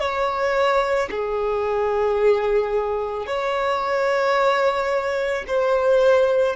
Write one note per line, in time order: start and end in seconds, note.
0.00 1.09 C#5
1.11 3.27 G#4
3.27 5.45 C#5
5.47 6.56 C5